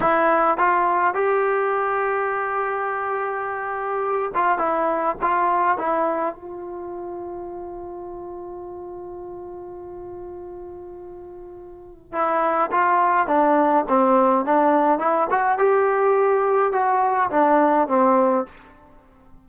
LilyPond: \new Staff \with { instrumentName = "trombone" } { \time 4/4 \tempo 4 = 104 e'4 f'4 g'2~ | g'2.~ g'8 f'8 | e'4 f'4 e'4 f'4~ | f'1~ |
f'1~ | f'4 e'4 f'4 d'4 | c'4 d'4 e'8 fis'8 g'4~ | g'4 fis'4 d'4 c'4 | }